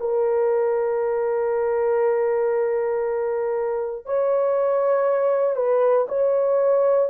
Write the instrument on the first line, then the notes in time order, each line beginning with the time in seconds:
horn
0.00 A#4
4.06 C#5
5.57 B4
6.09 C#5